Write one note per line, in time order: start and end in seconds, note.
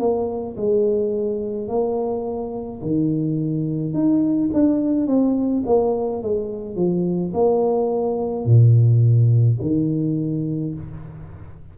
0.00 0.57 A#3
0.57 1.68 G#3
1.68 2.81 A#3
2.83 3.94 D#3
3.94 4.50 D#4
4.53 5.07 D4
5.07 5.64 C4
5.66 6.23 A#3
6.23 6.76 G#3
6.76 7.33 F3
7.34 8.46 A#3
8.46 9.59 A#2
9.62 10.75 D#3